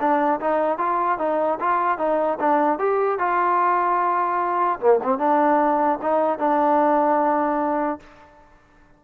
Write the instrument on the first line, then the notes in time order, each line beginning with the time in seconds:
trombone
0.00 D4
0.40 D#4
0.78 F4
1.19 D#4
1.60 F4
1.98 D#4
2.40 D4
2.79 G4
3.19 F4
4.80 A#3
5.03 C4
5.19 D4
6.02 D#4
6.39 D4